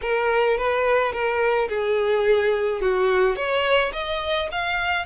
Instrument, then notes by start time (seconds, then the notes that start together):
violin
0.01 A#4
0.57 B4
1.12 A#4
1.68 G#4
2.81 F#4
3.35 C#5
3.93 D#5
4.51 F5